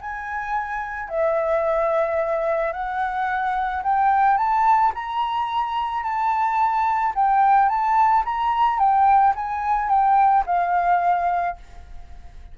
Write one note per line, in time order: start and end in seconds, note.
0.00 1.09 G#5
1.09 2.72 E5
2.72 3.82 F#5
3.83 4.37 G5
4.37 4.92 A5
4.94 6.03 A#5
6.03 7.13 A5
7.15 7.68 G5
7.68 8.23 A5
8.25 8.78 A#5
8.78 9.34 G5
9.35 9.89 G#5
9.89 10.44 G5
10.46 11.56 F5